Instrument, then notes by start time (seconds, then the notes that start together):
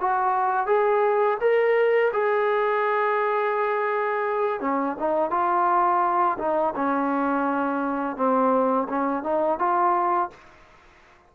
trombone
0.00 F#4
0.66 G#4
1.40 A#4
2.12 G#4
4.60 C#4
4.99 D#4
5.30 F4
6.38 D#4
6.75 C#4
8.16 C4
8.89 C#4
9.23 D#4
9.58 F4